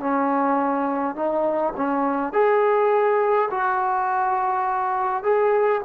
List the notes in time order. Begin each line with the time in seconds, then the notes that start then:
0.00 C#4
1.15 D#4
1.77 C#4
2.33 G#4
3.51 F#4
5.23 G#4